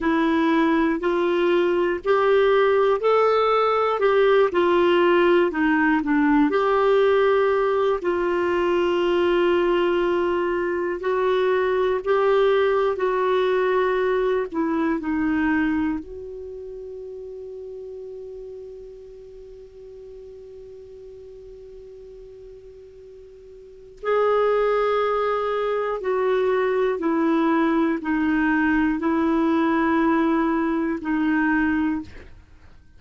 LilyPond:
\new Staff \with { instrumentName = "clarinet" } { \time 4/4 \tempo 4 = 60 e'4 f'4 g'4 a'4 | g'8 f'4 dis'8 d'8 g'4. | f'2. fis'4 | g'4 fis'4. e'8 dis'4 |
fis'1~ | fis'1 | gis'2 fis'4 e'4 | dis'4 e'2 dis'4 | }